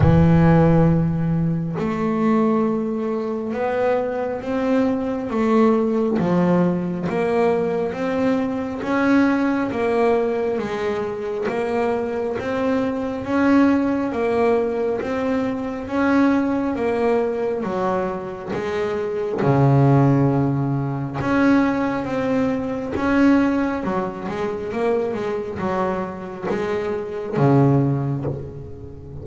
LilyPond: \new Staff \with { instrumentName = "double bass" } { \time 4/4 \tempo 4 = 68 e2 a2 | b4 c'4 a4 f4 | ais4 c'4 cis'4 ais4 | gis4 ais4 c'4 cis'4 |
ais4 c'4 cis'4 ais4 | fis4 gis4 cis2 | cis'4 c'4 cis'4 fis8 gis8 | ais8 gis8 fis4 gis4 cis4 | }